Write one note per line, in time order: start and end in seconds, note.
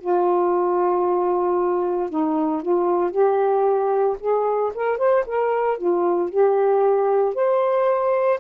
0.00 2.10 F4
2.10 2.62 D#4
2.62 3.11 F4
3.11 4.16 G4
4.20 4.72 G#4
4.74 4.98 A#4
4.98 5.24 C5
5.26 5.78 A#4
5.78 6.29 F4
6.29 7.34 G4
7.34 8.40 C5